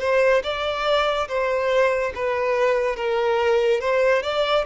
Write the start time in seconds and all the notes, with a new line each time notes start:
0.00 C5
0.43 D5
1.28 C5
2.15 B4
2.96 A#4
3.80 C5
4.22 D5